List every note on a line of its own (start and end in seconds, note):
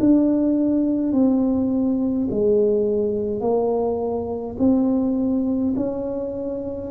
0.00 1.13 D4
1.13 2.28 C4
2.31 3.41 G#3
3.41 4.56 A#3
4.59 5.74 C4
5.76 6.91 C#4